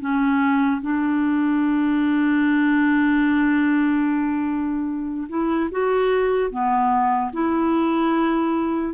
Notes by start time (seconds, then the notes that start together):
0.00 C#4
0.82 D4
5.29 E4
5.71 F#4
6.50 B3
7.33 E4